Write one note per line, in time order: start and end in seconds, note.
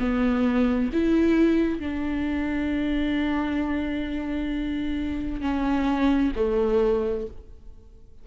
0.00 0.91 B3
0.93 1.80 E4
1.80 5.42 D4
5.42 6.33 C#4
6.36 7.27 A3